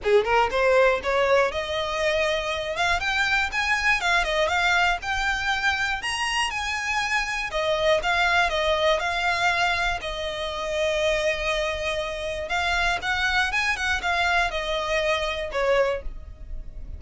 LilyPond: \new Staff \with { instrumentName = "violin" } { \time 4/4 \tempo 4 = 120 gis'8 ais'8 c''4 cis''4 dis''4~ | dis''4. f''8 g''4 gis''4 | f''8 dis''8 f''4 g''2 | ais''4 gis''2 dis''4 |
f''4 dis''4 f''2 | dis''1~ | dis''4 f''4 fis''4 gis''8 fis''8 | f''4 dis''2 cis''4 | }